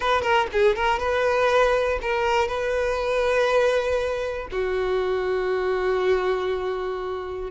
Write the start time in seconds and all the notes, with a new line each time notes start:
0.00 B4
0.21 A#4
0.52 G#4
0.75 A#4
0.99 B4
2.01 A#4
2.48 B4
4.51 F#4